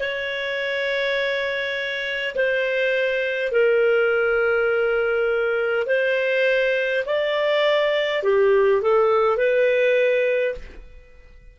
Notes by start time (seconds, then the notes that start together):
0.00 C#5
2.35 C5
3.52 A#4
5.87 C5
7.06 D5
8.23 G4
8.82 A4
9.37 B4